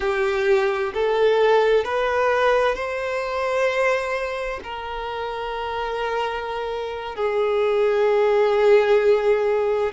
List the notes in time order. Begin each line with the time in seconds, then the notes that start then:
0.00 G4
0.94 A4
1.84 B4
2.75 C5
4.63 A#4
7.15 G#4